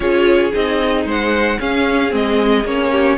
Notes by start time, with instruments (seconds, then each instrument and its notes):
0.00 cello C#4, viola F4, violin G#4 C#5
0.52 cello C4, viola D#4, violin D#5
1.05 cello G#3, violin C5 F#5
1.59 viola C#4, cello C#4, violin G#4 F5
2.09 cello G#3, viola C4, violin D#5
2.64 cello A#3, viola C#4, violin C#5
2.91 violin G4